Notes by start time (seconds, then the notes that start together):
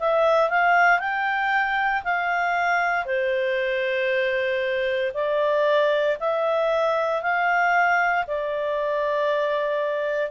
0.00 E5
0.50 F5
1.00 G5
2.05 F5
3.06 C5
5.14 D5
6.20 E5
7.23 F5
8.28 D5